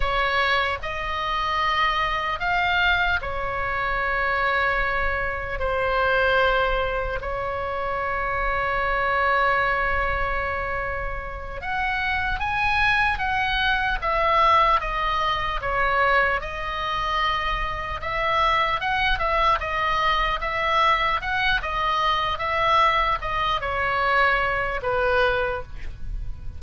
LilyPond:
\new Staff \with { instrumentName = "oboe" } { \time 4/4 \tempo 4 = 75 cis''4 dis''2 f''4 | cis''2. c''4~ | c''4 cis''2.~ | cis''2~ cis''8 fis''4 gis''8~ |
gis''8 fis''4 e''4 dis''4 cis''8~ | cis''8 dis''2 e''4 fis''8 | e''8 dis''4 e''4 fis''8 dis''4 | e''4 dis''8 cis''4. b'4 | }